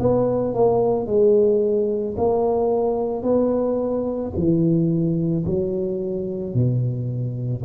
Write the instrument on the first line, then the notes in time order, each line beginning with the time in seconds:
tuba
0.00 B3
0.54 A#3
1.07 G#3
2.17 A#3
3.23 B3
4.36 E3
5.45 F#3
6.54 B2